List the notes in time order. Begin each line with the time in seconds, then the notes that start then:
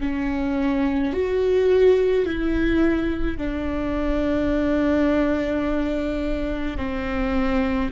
0.00 C#4
1.13 F#4
2.25 E4
3.38 D4
6.77 C4